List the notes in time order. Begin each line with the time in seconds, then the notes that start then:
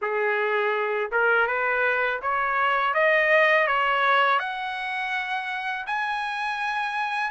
0.01 G#4
1.11 A#4
1.47 B4
2.22 C#5
2.94 D#5
3.67 C#5
4.39 F#5
5.86 G#5